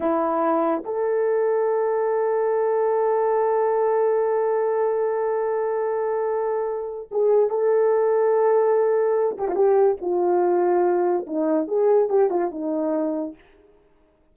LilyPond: \new Staff \with { instrumentName = "horn" } { \time 4/4 \tempo 4 = 144 e'2 a'2~ | a'1~ | a'1~ | a'1~ |
a'4 gis'4 a'2~ | a'2~ a'8 g'16 f'16 g'4 | f'2. dis'4 | gis'4 g'8 f'8 dis'2 | }